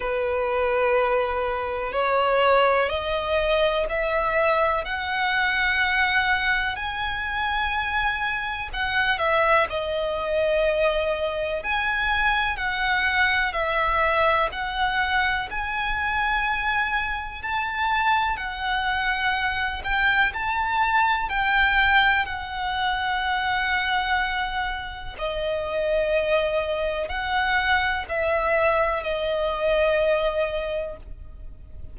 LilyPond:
\new Staff \with { instrumentName = "violin" } { \time 4/4 \tempo 4 = 62 b'2 cis''4 dis''4 | e''4 fis''2 gis''4~ | gis''4 fis''8 e''8 dis''2 | gis''4 fis''4 e''4 fis''4 |
gis''2 a''4 fis''4~ | fis''8 g''8 a''4 g''4 fis''4~ | fis''2 dis''2 | fis''4 e''4 dis''2 | }